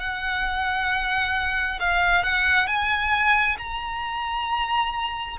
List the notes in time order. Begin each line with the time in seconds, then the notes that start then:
0.00 F#5
1.80 F5
2.24 F#5
2.67 G#5
3.58 A#5